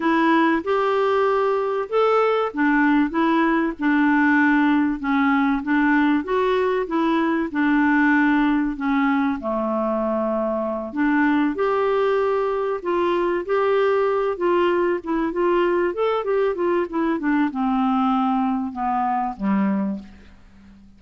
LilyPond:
\new Staff \with { instrumentName = "clarinet" } { \time 4/4 \tempo 4 = 96 e'4 g'2 a'4 | d'4 e'4 d'2 | cis'4 d'4 fis'4 e'4 | d'2 cis'4 a4~ |
a4. d'4 g'4.~ | g'8 f'4 g'4. f'4 | e'8 f'4 a'8 g'8 f'8 e'8 d'8 | c'2 b4 g4 | }